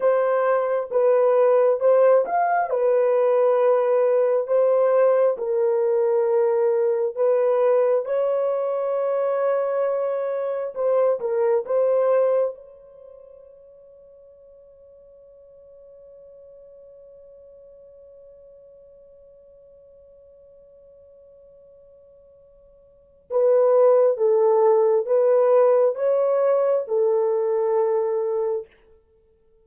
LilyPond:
\new Staff \with { instrumentName = "horn" } { \time 4/4 \tempo 4 = 67 c''4 b'4 c''8 f''8 b'4~ | b'4 c''4 ais'2 | b'4 cis''2. | c''8 ais'8 c''4 cis''2~ |
cis''1~ | cis''1~ | cis''2 b'4 a'4 | b'4 cis''4 a'2 | }